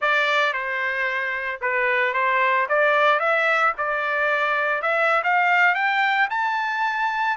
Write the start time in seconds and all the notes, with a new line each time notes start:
0.01 D5
0.53 C5
1.61 B4
2.13 C5
2.69 D5
3.19 E5
3.77 D5
4.82 E5
5.23 F5
5.74 G5
6.30 A5